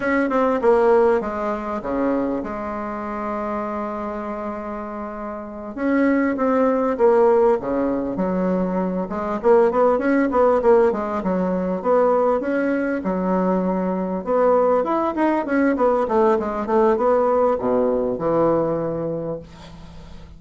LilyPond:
\new Staff \with { instrumentName = "bassoon" } { \time 4/4 \tempo 4 = 99 cis'8 c'8 ais4 gis4 cis4 | gis1~ | gis4. cis'4 c'4 ais8~ | ais8 cis4 fis4. gis8 ais8 |
b8 cis'8 b8 ais8 gis8 fis4 b8~ | b8 cis'4 fis2 b8~ | b8 e'8 dis'8 cis'8 b8 a8 gis8 a8 | b4 b,4 e2 | }